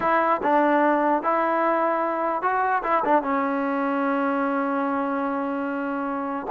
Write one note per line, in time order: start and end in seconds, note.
0.00 0.41 E4
0.43 1.23 D4
1.23 2.42 E4
2.42 2.82 F#4
2.83 3.03 E4
3.04 3.22 D4
3.22 6.46 C#4